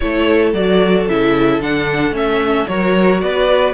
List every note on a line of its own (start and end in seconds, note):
0.00 0.53 A3
0.00 0.54 E4
0.00 2.69 A4
0.00 0.53 C#5
0.53 1.06 F#3
0.53 1.08 F#4
0.53 1.07 D5
1.08 1.59 C#3
1.08 1.61 E4
1.08 1.61 E5
1.59 2.11 D3
1.59 2.12 D4
1.59 2.15 F#5
2.11 2.64 A3
2.11 2.66 C#4
2.11 2.67 E5
2.67 3.22 F#3
2.67 3.74 F#4
2.67 3.23 A#4
2.67 3.20 C#5
3.20 3.74 B3
3.20 3.74 B4
3.20 3.74 D5